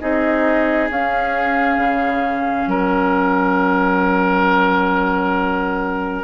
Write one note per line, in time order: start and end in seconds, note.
0.00 0.90 C4
0.00 0.90 D#4
0.00 2.70 G#4
0.00 0.90 D#5
0.90 1.78 C#4
0.90 6.25 C#4
0.90 2.71 F5
1.78 2.67 C#3
2.67 6.25 F#3
2.67 6.25 A#4
2.67 6.25 F#5